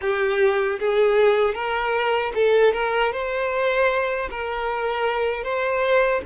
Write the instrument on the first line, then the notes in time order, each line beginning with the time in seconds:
violin
0.01 G4
0.79 G#4
1.54 A#4
2.34 A4
2.73 A#4
3.12 C5
4.30 A#4
5.43 C5